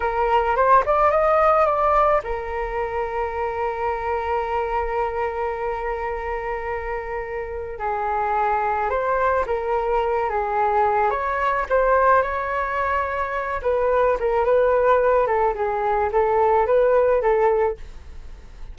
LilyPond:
\new Staff \with { instrumentName = "flute" } { \time 4/4 \tempo 4 = 108 ais'4 c''8 d''8 dis''4 d''4 | ais'1~ | ais'1~ | ais'2 gis'2 |
c''4 ais'4. gis'4. | cis''4 c''4 cis''2~ | cis''8 b'4 ais'8 b'4. a'8 | gis'4 a'4 b'4 a'4 | }